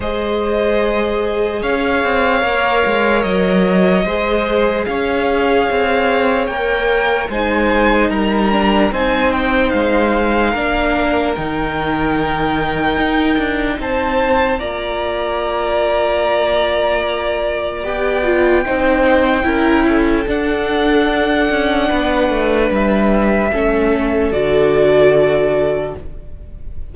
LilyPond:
<<
  \new Staff \with { instrumentName = "violin" } { \time 4/4 \tempo 4 = 74 dis''2 f''2 | dis''2 f''2 | g''4 gis''4 ais''4 gis''8 g''8 | f''2 g''2~ |
g''4 a''4 ais''2~ | ais''2 g''2~ | g''4 fis''2. | e''2 d''2 | }
  \new Staff \with { instrumentName = "violin" } { \time 4/4 c''2 cis''2~ | cis''4 c''4 cis''2~ | cis''4 c''4 ais'4 c''4~ | c''4 ais'2.~ |
ais'4 c''4 d''2~ | d''2. c''4 | ais'8 a'2~ a'8 b'4~ | b'4 a'2. | }
  \new Staff \with { instrumentName = "viola" } { \time 4/4 gis'2. ais'4~ | ais'4 gis'2. | ais'4 dis'4. d'8 dis'4~ | dis'4 d'4 dis'2~ |
dis'2 f'2~ | f'2 g'8 f'8 dis'4 | e'4 d'2.~ | d'4 cis'4 fis'2 | }
  \new Staff \with { instrumentName = "cello" } { \time 4/4 gis2 cis'8 c'8 ais8 gis8 | fis4 gis4 cis'4 c'4 | ais4 gis4 g4 c'4 | gis4 ais4 dis2 |
dis'8 d'8 c'4 ais2~ | ais2 b4 c'4 | cis'4 d'4. cis'8 b8 a8 | g4 a4 d2 | }
>>